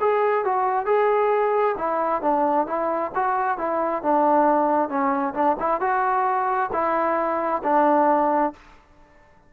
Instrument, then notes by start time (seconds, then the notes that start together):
trombone
0.00 G#4
0.44 F#4
0.85 G#4
1.77 E4
2.21 D4
2.66 E4
3.15 F#4
3.58 E4
4.02 D4
4.88 C#4
5.34 D4
5.59 E4
5.80 F#4
6.72 E4
7.63 D4